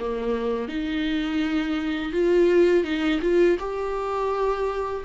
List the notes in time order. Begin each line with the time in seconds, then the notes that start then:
0.00 A#3
0.69 D#4
2.13 F4
2.84 D#4
3.22 F4
3.59 G4